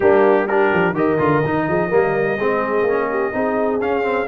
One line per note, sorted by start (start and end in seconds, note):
0.00 0.70 G3
0.00 0.48 A#3
0.00 0.47 D4
0.00 0.47 G4
0.47 0.94 D4
0.47 0.94 G4
0.47 0.94 A#4
0.73 0.92 F3
0.92 1.16 D#3
0.92 1.18 G4
0.92 1.67 A#4
0.92 3.81 D#5
1.18 1.43 D3
1.18 1.42 F4
1.44 1.68 D#3
1.44 1.90 D#4
1.68 1.91 F3
1.68 1.88 G#4
1.88 2.39 G3
1.88 2.38 A#3
1.88 2.35 A#4
2.37 2.83 G#3
2.37 2.87 C4
2.37 3.08 G#4
2.83 3.30 A#3
2.83 3.32 C#4
3.10 3.34 G4
3.32 3.81 C4
3.32 3.80 D#4
3.32 4.27 G#4
3.81 4.02 C#4
3.81 4.27 C#4
3.81 4.27 F5
4.02 4.26 C4